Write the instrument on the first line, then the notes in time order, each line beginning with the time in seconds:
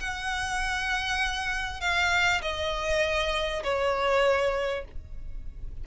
violin
0.00 F#5
1.81 F5
2.42 D#5
3.63 C#5